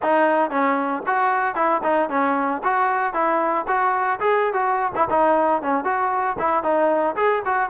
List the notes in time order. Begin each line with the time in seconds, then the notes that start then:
0.02 D#4
0.50 C#4
1.06 F#4
1.55 E4
1.83 D#4
2.09 C#4
2.63 F#4
3.13 E4
3.67 F#4
4.20 G#4
4.52 F#4
4.95 E4
5.10 D#4
5.62 C#4
5.84 F#4
6.38 E4
6.63 D#4
7.16 G#4
7.45 F#4